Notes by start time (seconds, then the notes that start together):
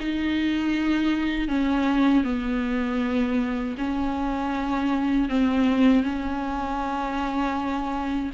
0.00 D#4
1.49 C#4
2.24 B3
3.78 C#4
5.30 C4
6.04 C#4